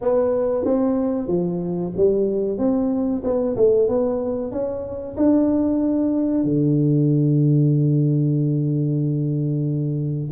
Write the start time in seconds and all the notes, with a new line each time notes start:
0.01 B3
0.65 C4
1.27 F3
1.96 G3
2.58 C4
3.23 B3
3.56 A3
3.88 B3
4.51 C#4
5.16 D4
6.43 D3